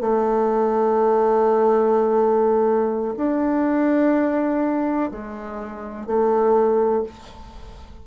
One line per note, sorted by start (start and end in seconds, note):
0.00 3.15 A3
3.17 5.10 D4
5.11 6.06 G#3
6.06 7.03 A3